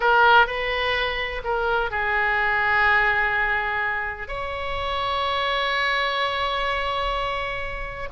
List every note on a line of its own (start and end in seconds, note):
0.00 0.47 A#4
0.47 1.42 B4
1.44 1.90 A#4
1.90 4.27 G#4
4.27 8.08 C#5